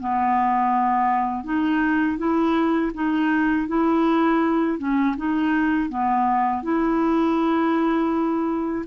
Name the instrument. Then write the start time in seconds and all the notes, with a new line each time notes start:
clarinet
0.00 B3
1.44 D#4
2.17 E4
2.94 D#4
3.67 E4
4.78 C#4
5.16 D#4
5.89 B3
6.63 E4